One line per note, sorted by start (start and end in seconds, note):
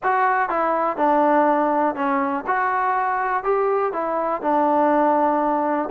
0.03 0.49 F#4
0.49 0.97 E4
0.97 1.95 D4
1.95 2.44 C#4
2.46 3.43 F#4
3.43 3.92 G4
3.92 4.42 E4
4.42 5.89 D4